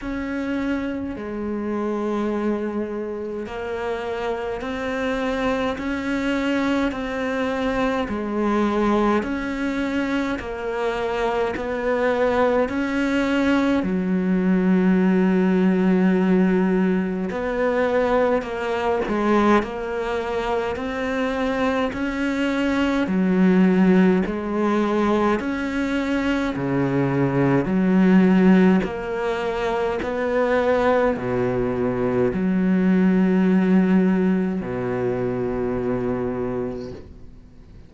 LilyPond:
\new Staff \with { instrumentName = "cello" } { \time 4/4 \tempo 4 = 52 cis'4 gis2 ais4 | c'4 cis'4 c'4 gis4 | cis'4 ais4 b4 cis'4 | fis2. b4 |
ais8 gis8 ais4 c'4 cis'4 | fis4 gis4 cis'4 cis4 | fis4 ais4 b4 b,4 | fis2 b,2 | }